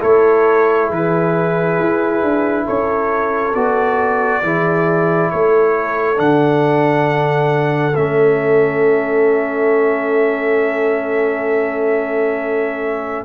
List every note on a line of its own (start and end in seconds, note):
0.00 0.91 A3
0.00 3.54 E4
0.00 0.87 A4
0.00 0.91 C#5
0.87 1.79 E3
0.87 2.64 G#4
0.87 2.67 B4
1.79 2.23 E4
2.24 2.68 D4
2.66 3.55 C#4
2.66 4.43 A4
2.66 3.55 C#5
3.55 4.44 B3
3.55 4.43 F#4
3.55 5.31 D5
4.43 5.32 E3
4.43 6.16 E4
4.43 5.32 G#4
5.31 6.19 A3
5.31 13.26 A4
5.31 6.19 C#5
6.16 7.96 D3
6.16 7.93 D4
6.16 7.96 F#5
7.96 13.26 A3
7.96 13.26 C#4
7.96 13.25 E5